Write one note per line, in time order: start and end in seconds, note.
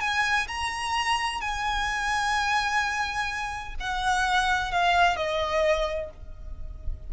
0.00 0.47 G#5
0.48 1.40 A#5
1.40 3.75 G#5
3.80 4.71 F#5
4.71 5.16 F5
5.16 6.10 D#5